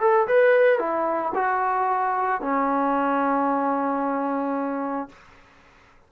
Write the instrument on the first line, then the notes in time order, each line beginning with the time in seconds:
trombone
0.00 A4
0.27 B4
0.79 E4
1.34 F#4
2.41 C#4